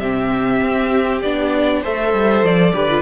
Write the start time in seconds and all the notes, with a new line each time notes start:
0.00 C3 C4 G4 E5
0.63 C4
1.22 B3 D4 D5
1.82 A3 A4 C5 E5
2.14 G3
2.43 F3 D5
2.74 D3 G4 B4
2.90 F4